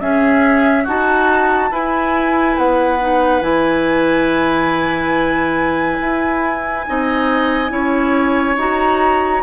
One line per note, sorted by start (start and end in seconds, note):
0.00 0.86 C#4
0.00 0.87 C#4
0.00 0.84 G#4
0.00 0.86 E5
0.84 1.71 D#4
0.84 1.69 F#4
0.84 1.70 F#4
0.84 1.73 A5
1.70 2.99 E4
1.70 2.56 E4
1.70 6.86 B4
1.70 2.58 G#5
2.58 3.41 B3
2.58 3.42 F#5
3.00 3.41 D#4
3.41 5.98 E3
3.41 6.84 E4
3.41 8.57 G#5
6.00 6.86 E4
6.87 7.71 C4
6.87 7.69 D#4
6.87 7.72 D#5
7.69 8.56 C#4
7.69 8.55 E4
7.69 9.43 C#5
8.56 9.42 D#4
8.56 9.43 F#4
8.56 9.43 A#5